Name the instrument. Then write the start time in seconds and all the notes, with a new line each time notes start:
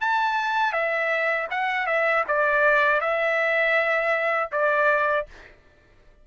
trumpet
0.00 A5
0.72 E5
1.50 F#5
1.86 E5
2.27 D5
3.00 E5
4.51 D5